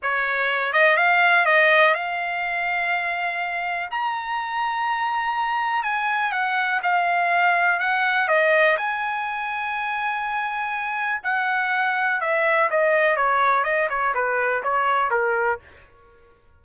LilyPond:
\new Staff \with { instrumentName = "trumpet" } { \time 4/4 \tempo 4 = 123 cis''4. dis''8 f''4 dis''4 | f''1 | ais''1 | gis''4 fis''4 f''2 |
fis''4 dis''4 gis''2~ | gis''2. fis''4~ | fis''4 e''4 dis''4 cis''4 | dis''8 cis''8 b'4 cis''4 ais'4 | }